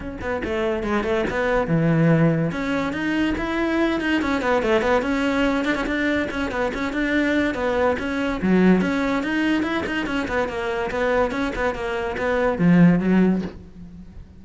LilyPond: \new Staff \with { instrumentName = "cello" } { \time 4/4 \tempo 4 = 143 cis'8 b8 a4 gis8 a8 b4 | e2 cis'4 dis'4 | e'4. dis'8 cis'8 b8 a8 b8 | cis'4. d'16 cis'16 d'4 cis'8 b8 |
cis'8 d'4. b4 cis'4 | fis4 cis'4 dis'4 e'8 dis'8 | cis'8 b8 ais4 b4 cis'8 b8 | ais4 b4 f4 fis4 | }